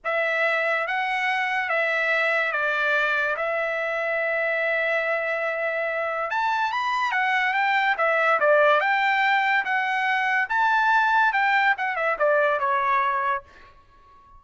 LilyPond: \new Staff \with { instrumentName = "trumpet" } { \time 4/4 \tempo 4 = 143 e''2 fis''2 | e''2 d''2 | e''1~ | e''2. a''4 |
b''4 fis''4 g''4 e''4 | d''4 g''2 fis''4~ | fis''4 a''2 g''4 | fis''8 e''8 d''4 cis''2 | }